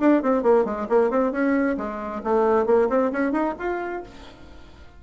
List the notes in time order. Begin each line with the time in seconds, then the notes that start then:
0.00 D4
0.22 C4
0.43 A#3
0.65 G#3
0.89 A#3
1.10 C4
1.32 C#4
1.77 G#3
2.23 A3
2.66 A#3
2.89 C4
3.12 C#4
3.32 D#4
3.59 F4